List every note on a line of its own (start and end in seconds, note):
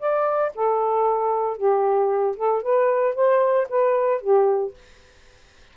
0.00 0.53 D5
0.55 1.58 A4
1.58 2.37 G4
2.37 2.63 A4
2.63 3.16 B4
3.16 3.68 C5
3.70 4.22 B4
4.22 4.74 G4